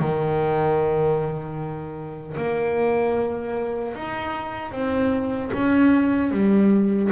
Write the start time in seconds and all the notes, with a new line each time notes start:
0.00 D#3
2.38 A#3
3.95 D#4
4.72 C4
5.54 C#4
6.32 G3